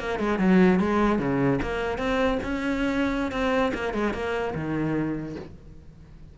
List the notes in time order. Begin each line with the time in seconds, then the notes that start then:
0.00 A#3
0.20 G#3
0.40 F#3
0.80 G#3
1.19 C#3
1.62 A#3
1.99 C4
2.44 C#4
3.32 C4
3.75 A#3
3.94 G#3
4.14 A#3
4.55 D#3